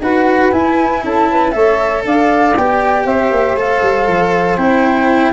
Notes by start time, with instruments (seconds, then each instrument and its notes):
0.00 tuba D#4, cello F#4, saxophone B4, flute F#5
0.52 cello E4, tuba E4, flute G#5
1.03 tuba C#4, saxophone A4, flute A5
1.30 saxophone B4
1.51 tuba A3, cello A4, saxophone C#5, flute E5
2.05 tuba D4, saxophone D5, flute F5
2.56 tuba B3, cello G4, flute G5
3.04 tuba C4, saxophone C5, flute E5
3.30 tuba A#3
3.56 tuba A3, cello A4, flute F5
3.82 tuba G3
4.07 tuba F3
4.57 tuba C4, cello E4, flute G5